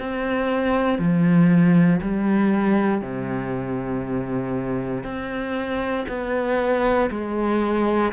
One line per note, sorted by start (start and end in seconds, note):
0.00 0.99 C4
0.99 2.01 F3
2.02 3.02 G3
3.02 5.04 C3
5.04 6.06 C4
6.08 7.10 B3
7.10 8.12 G#3